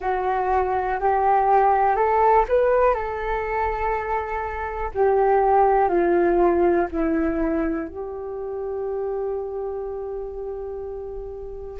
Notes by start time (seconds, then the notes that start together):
0.00 F#4
1.00 G4
1.96 A4
2.48 B4
2.94 A4
4.94 G4
5.88 F4
6.91 E4
7.87 G4